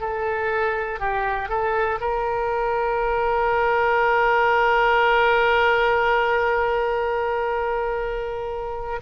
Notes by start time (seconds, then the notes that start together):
0.00 A4
0.99 G4
1.48 A4
2.00 A#4